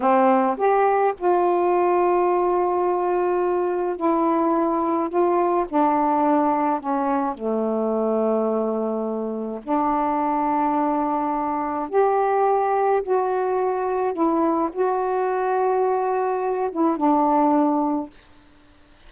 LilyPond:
\new Staff \with { instrumentName = "saxophone" } { \time 4/4 \tempo 4 = 106 c'4 g'4 f'2~ | f'2. e'4~ | e'4 f'4 d'2 | cis'4 a2.~ |
a4 d'2.~ | d'4 g'2 fis'4~ | fis'4 e'4 fis'2~ | fis'4. e'8 d'2 | }